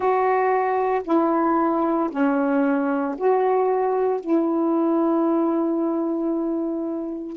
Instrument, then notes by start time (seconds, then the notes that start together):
saxophone
0.00 F#4
1.04 E4
2.10 C#4
3.17 F#4
4.20 E4